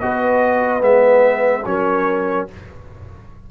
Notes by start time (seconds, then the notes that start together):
0.00 B3 F#4 B4 D#5
0.80 G#3 B3 E5
1.65 F#3 C#4 A#4 C#5